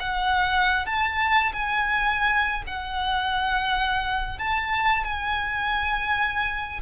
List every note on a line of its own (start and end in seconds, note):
0.00 0.87 F#5
0.87 1.53 A5
1.53 2.64 G#5
2.67 4.39 F#5
4.39 5.04 A5
5.04 6.81 G#5